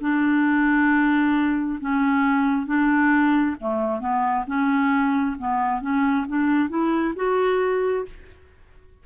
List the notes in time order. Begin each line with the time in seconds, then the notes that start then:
0.00 D4
1.80 C#4
2.66 D4
3.60 A3
4.00 B3
4.47 C#4
5.38 B3
5.81 C#4
6.28 D4
6.69 E4
7.16 F#4